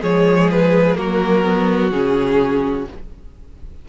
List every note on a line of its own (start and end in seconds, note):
0.00 0.97 F3
0.00 0.95 G#3
0.00 0.96 G#4
0.00 0.50 C#5
0.51 0.97 B4
0.95 1.92 F#3
0.95 1.43 A#3
0.95 2.88 F#4
0.95 1.90 A#4
1.44 1.92 B3
1.90 2.87 C#3
1.90 2.87 C#4
1.90 2.86 G#4